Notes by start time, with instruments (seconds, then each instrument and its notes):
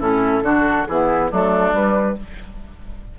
0.00 bassoon A2, clarinet C#4, oboe E4, flute A4
0.43 bassoon D3, clarinet D4, oboe F#4
0.87 bassoon E3, clarinet B3, oboe E4, flute G#4
1.31 bassoon F#3, clarinet A3, oboe D4, flute A4
1.73 bassoon G3, clarinet G3, flute B4